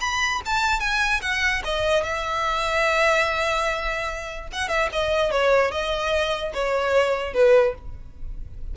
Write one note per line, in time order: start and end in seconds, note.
0.00 0.41 B5
0.45 0.80 A5
0.80 1.21 G#5
1.21 1.62 F#5
1.64 2.03 D#5
2.03 4.48 E5
4.52 4.68 F#5
4.68 4.88 E5
4.92 5.31 D#5
5.31 5.71 C#5
5.71 6.53 D#5
6.53 7.33 C#5
7.33 7.74 B4